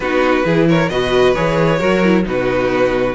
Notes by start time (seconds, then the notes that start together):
0.00 B3 D#4 F#4 B4
0.44 E3 E4 G#4
0.68 A#4 C#5
0.89 B2 F#4 B4 D#5
1.34 E3 G#4 C#5
1.78 F#3 F#4 A#4
2.04 E4
2.24 B2 D#4 F#4 B4